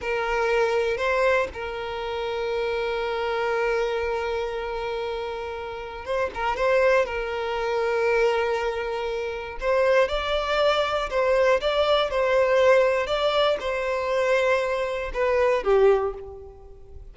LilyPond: \new Staff \with { instrumentName = "violin" } { \time 4/4 \tempo 4 = 119 ais'2 c''4 ais'4~ | ais'1~ | ais'1 | c''8 ais'8 c''4 ais'2~ |
ais'2. c''4 | d''2 c''4 d''4 | c''2 d''4 c''4~ | c''2 b'4 g'4 | }